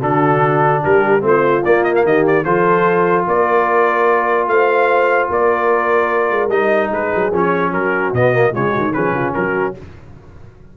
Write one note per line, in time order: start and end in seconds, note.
0.00 0.83 D3
0.00 1.21 D4
0.00 0.81 F#4
0.00 0.83 A4
0.82 1.22 G3
0.82 1.22 G4
0.82 1.24 A#4
1.21 1.63 A3
1.21 1.61 C4
1.21 2.07 F4
1.27 1.65 C5
1.65 2.04 A#3
1.65 2.45 A#3
1.65 1.83 D5
1.83 1.94 D#5
1.95 2.05 F5
2.04 2.44 D#3
2.04 2.44 G4
2.04 2.26 D#5
2.27 2.44 D5
2.44 3.26 F3
2.44 6.50 F4
2.44 3.25 A4
2.44 3.25 C5
3.27 4.47 A#3
3.27 4.49 A#4
3.27 4.48 D5
4.47 5.28 A3
4.47 5.31 C5
4.47 5.29 F5
5.29 6.30 A#3
5.29 6.92 A#4
5.29 6.50 D5
6.30 6.48 G#3
6.48 6.88 G3
6.48 7.32 D#4
6.48 6.90 D#5
6.91 7.12 G#3
6.91 7.70 G#4
6.91 7.34 B4
7.15 7.33 F#3
7.33 7.72 F3
7.33 8.15 C#4
7.33 7.73 C#5
7.70 8.12 F#3
7.70 8.51 F#4
7.70 8.14 A#4
8.13 8.53 B2
8.13 8.33 B3
8.13 8.54 D#5
8.33 8.53 A#3
8.52 8.76 C#3
8.52 8.93 G#3
8.52 8.70 F4
8.52 8.93 C#5
8.70 8.90 F#4
8.77 8.97 D#3
8.93 9.12 F3
8.93 9.74 C#4
8.93 9.14 G#4
8.93 9.34 B4
9.12 9.33 C#3
9.12 9.34 F4
9.34 9.77 F#3
9.34 9.77 F#4
9.34 9.74 A#4